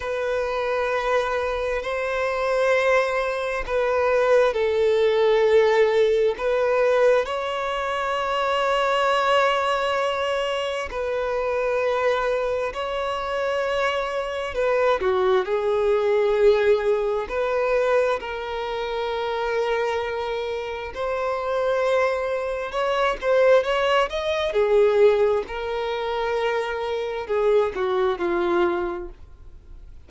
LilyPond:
\new Staff \with { instrumentName = "violin" } { \time 4/4 \tempo 4 = 66 b'2 c''2 | b'4 a'2 b'4 | cis''1 | b'2 cis''2 |
b'8 fis'8 gis'2 b'4 | ais'2. c''4~ | c''4 cis''8 c''8 cis''8 dis''8 gis'4 | ais'2 gis'8 fis'8 f'4 | }